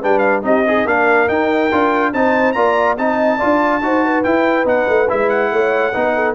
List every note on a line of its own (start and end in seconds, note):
0.00 0.43 G3
0.00 0.42 D4
0.00 0.42 B4
0.00 0.18 G5
0.18 0.39 F5
0.42 0.85 C4
0.42 0.63 D#4
0.42 0.66 G4
0.42 0.87 D#5
0.66 0.85 D#4
0.66 0.87 G#4
0.85 1.28 A#3
0.85 1.28 D4
0.85 2.12 A#4
0.85 1.28 F5
1.28 1.70 D#4
1.28 2.13 G5
1.71 2.13 D4
1.71 2.13 F4
2.13 2.55 C4
2.13 2.55 D#4
2.13 2.55 C5
2.13 2.52 A5
2.52 2.97 A#3
2.52 2.97 F4
2.52 2.98 D5
2.52 2.95 A#5
2.97 3.39 C4
2.97 3.39 D#4
2.97 3.38 D#5
2.97 4.23 A5
3.38 3.82 D4
3.38 3.81 F4
3.38 3.80 D5
3.82 4.24 D#4
3.82 4.24 F#4
3.82 4.04 C5
4.04 5.52 B4
4.23 4.65 E4
4.23 4.64 E4
4.23 4.66 G5
4.64 4.86 B3
4.64 5.07 D#4
4.64 5.10 F#5
4.88 5.09 A3
5.08 5.51 G#3
5.08 5.93 E4
5.08 5.29 E5
5.29 6.35 F#5
5.51 5.94 A3
5.51 5.93 C#5
5.93 6.35 B3
5.93 6.35 D#4
5.93 6.14 B4
6.15 6.35 A4